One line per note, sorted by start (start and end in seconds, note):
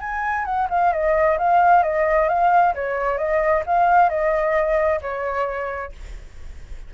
0.00 0.45 G#5
0.45 0.68 F#5
0.70 0.92 F5
0.92 1.38 D#5
1.38 1.83 F5
1.83 2.29 D#5
2.29 2.74 F5
2.75 3.18 C#5
3.18 3.63 D#5
3.66 4.09 F5
4.09 5.00 D#5
5.01 5.92 C#5